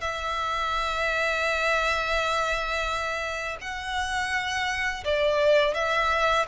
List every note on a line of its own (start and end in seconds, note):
0.00 3.57 E5
3.60 5.03 F#5
5.04 5.74 D5
5.74 6.45 E5